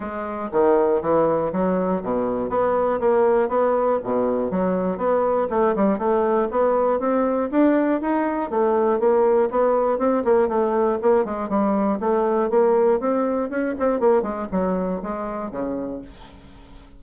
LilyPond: \new Staff \with { instrumentName = "bassoon" } { \time 4/4 \tempo 4 = 120 gis4 dis4 e4 fis4 | b,4 b4 ais4 b4 | b,4 fis4 b4 a8 g8 | a4 b4 c'4 d'4 |
dis'4 a4 ais4 b4 | c'8 ais8 a4 ais8 gis8 g4 | a4 ais4 c'4 cis'8 c'8 | ais8 gis8 fis4 gis4 cis4 | }